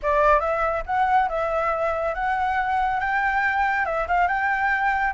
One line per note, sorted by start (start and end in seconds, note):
0.02 0.40 D5
0.40 0.83 E5
0.86 1.29 F#5
1.29 2.14 E5
2.14 3.00 F#5
3.00 3.85 G5
3.85 4.07 E5
4.07 4.27 F5
4.27 5.13 G5